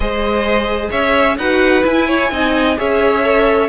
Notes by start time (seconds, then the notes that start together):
0.00 G#3 G#4 C5 D#5
0.89 C#4 C#5 E5
1.37 D#4 F#4 B4 F#5
1.82 E4 G#5
2.07 C#5
2.31 C4 D#4 D#5
2.77 C#4 G#4 C#5 E5
3.23 A4